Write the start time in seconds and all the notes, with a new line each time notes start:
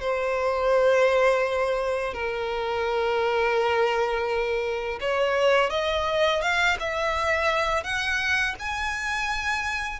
0.00 C5
2.13 A#4
5.00 C#5
5.69 D#5
6.41 F5
6.79 E5
7.83 F#5
8.59 G#5